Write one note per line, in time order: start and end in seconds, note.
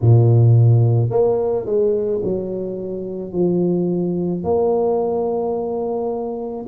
0.01 1.10 A#2
1.10 1.65 A#3
1.65 2.21 G#3
2.23 3.32 F#3
3.32 4.43 F3
4.43 6.66 A#3